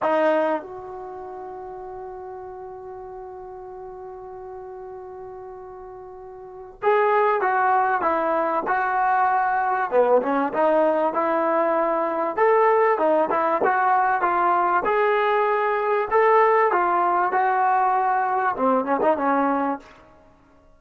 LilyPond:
\new Staff \with { instrumentName = "trombone" } { \time 4/4 \tempo 4 = 97 dis'4 fis'2.~ | fis'1~ | fis'2. gis'4 | fis'4 e'4 fis'2 |
b8 cis'8 dis'4 e'2 | a'4 dis'8 e'8 fis'4 f'4 | gis'2 a'4 f'4 | fis'2 c'8 cis'16 dis'16 cis'4 | }